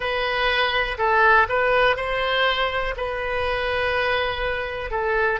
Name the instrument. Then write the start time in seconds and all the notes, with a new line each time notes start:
oboe
0.00 B4
0.97 A4
1.48 B4
1.96 C5
2.96 B4
4.90 A4